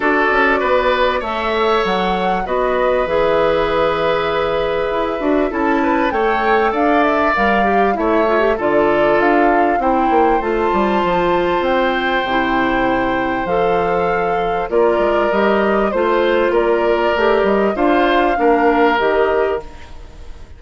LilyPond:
<<
  \new Staff \with { instrumentName = "flute" } { \time 4/4 \tempo 4 = 98 d''2 e''4 fis''4 | dis''4 e''2.~ | e''4 a''4 g''4 f''8 e''8 | f''4 e''4 d''4 f''4 |
g''4 a''2 g''4~ | g''2 f''2 | d''4 dis''4 c''4 d''4~ | d''8 dis''8 f''2 dis''4 | }
  \new Staff \with { instrumentName = "oboe" } { \time 4/4 a'4 b'4 cis''2 | b'1~ | b'4 a'8 b'8 cis''4 d''4~ | d''4 cis''4 a'2 |
c''1~ | c''1 | ais'2 c''4 ais'4~ | ais'4 c''4 ais'2 | }
  \new Staff \with { instrumentName = "clarinet" } { \time 4/4 fis'2 a'2 | fis'4 gis'2.~ | gis'8 fis'8 e'4 a'2 | ais'8 g'8 e'8 f'16 g'16 f'2 |
e'4 f'2. | e'2 a'2 | f'4 g'4 f'2 | g'4 f'4 d'4 g'4 | }
  \new Staff \with { instrumentName = "bassoon" } { \time 4/4 d'8 cis'8 b4 a4 fis4 | b4 e2. | e'8 d'8 cis'4 a4 d'4 | g4 a4 d4 d'4 |
c'8 ais8 a8 g8 f4 c'4 | c2 f2 | ais8 gis8 g4 a4 ais4 | a8 g8 d'4 ais4 dis4 | }
>>